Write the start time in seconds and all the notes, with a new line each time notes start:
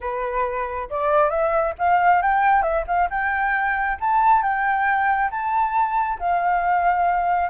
0.00 B4
0.89 D5
1.29 E5
1.78 F5
2.22 G5
2.62 E5
2.87 F5
3.10 G5
4.00 A5
4.42 G5
5.30 A5
6.19 F5